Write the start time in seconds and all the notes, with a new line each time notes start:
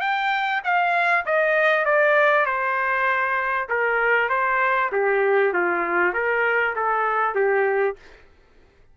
0.00 G5
0.64 F5
1.25 D#5
1.85 D5
2.45 C5
3.69 A#4
4.29 C5
4.91 G4
5.53 F4
6.13 A#4
6.75 A4
7.35 G4